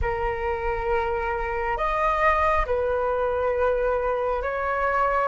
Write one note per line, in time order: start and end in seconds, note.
0.01 1.77 A#4
1.77 2.65 D#5
2.66 4.42 B4
4.42 5.28 C#5